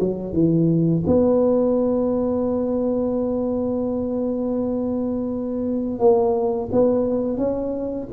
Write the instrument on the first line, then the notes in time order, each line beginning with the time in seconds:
tuba
0.00 F#3
0.33 E3
1.07 B3
5.99 A#3
6.72 B3
7.37 C#4